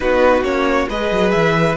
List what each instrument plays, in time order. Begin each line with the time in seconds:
0.00 cello B3, viola D#4, violin F#4 B4
0.42 cello A#3, viola C#4, violin C#5
0.89 cello G#3, viola G#4, violin B4 D#5
1.11 cello F#3
1.31 cello E3, violin E5